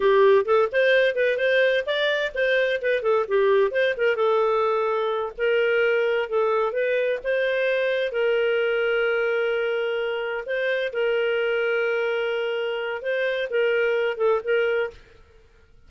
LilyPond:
\new Staff \with { instrumentName = "clarinet" } { \time 4/4 \tempo 4 = 129 g'4 a'8 c''4 b'8 c''4 | d''4 c''4 b'8 a'8 g'4 | c''8 ais'8 a'2~ a'8 ais'8~ | ais'4. a'4 b'4 c''8~ |
c''4. ais'2~ ais'8~ | ais'2~ ais'8 c''4 ais'8~ | ais'1 | c''4 ais'4. a'8 ais'4 | }